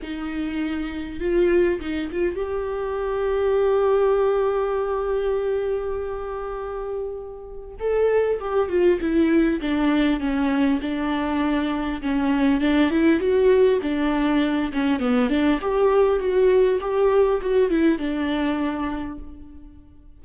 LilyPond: \new Staff \with { instrumentName = "viola" } { \time 4/4 \tempo 4 = 100 dis'2 f'4 dis'8 f'8 | g'1~ | g'1~ | g'4 a'4 g'8 f'8 e'4 |
d'4 cis'4 d'2 | cis'4 d'8 e'8 fis'4 d'4~ | d'8 cis'8 b8 d'8 g'4 fis'4 | g'4 fis'8 e'8 d'2 | }